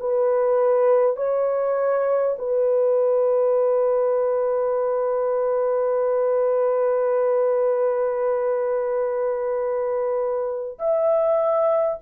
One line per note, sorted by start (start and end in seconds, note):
0.00 1.16 B4
1.16 2.36 C#5
2.38 10.78 B4
10.78 11.98 E5